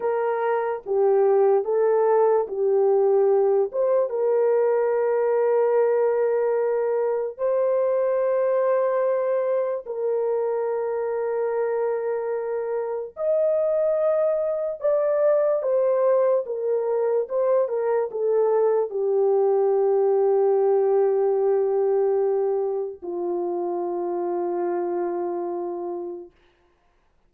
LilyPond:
\new Staff \with { instrumentName = "horn" } { \time 4/4 \tempo 4 = 73 ais'4 g'4 a'4 g'4~ | g'8 c''8 ais'2.~ | ais'4 c''2. | ais'1 |
dis''2 d''4 c''4 | ais'4 c''8 ais'8 a'4 g'4~ | g'1 | f'1 | }